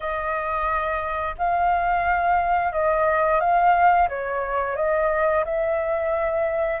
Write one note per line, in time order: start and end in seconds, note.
0.00 1.35 D#5
1.38 2.72 F5
2.72 3.40 D#5
3.40 4.08 F5
4.08 4.76 C#5
4.76 5.44 D#5
5.45 6.80 E5